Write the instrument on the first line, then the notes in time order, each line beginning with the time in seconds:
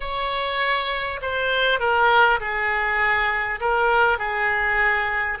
oboe
0.00 C#5
1.21 C5
1.79 A#4
2.40 G#4
3.60 A#4
4.18 G#4